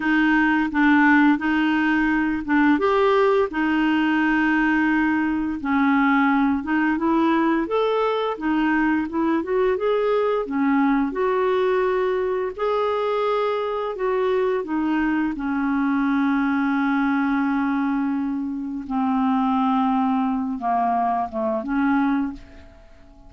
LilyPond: \new Staff \with { instrumentName = "clarinet" } { \time 4/4 \tempo 4 = 86 dis'4 d'4 dis'4. d'8 | g'4 dis'2. | cis'4. dis'8 e'4 a'4 | dis'4 e'8 fis'8 gis'4 cis'4 |
fis'2 gis'2 | fis'4 dis'4 cis'2~ | cis'2. c'4~ | c'4. ais4 a8 cis'4 | }